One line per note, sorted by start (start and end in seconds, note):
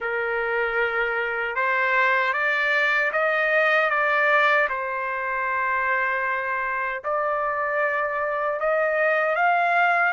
0.00 1.55 A#4
1.55 2.33 C5
2.33 3.11 D5
3.12 3.90 D#5
3.90 4.68 D5
4.69 7.03 C5
7.04 8.59 D5
8.59 9.35 D#5
9.35 10.12 F5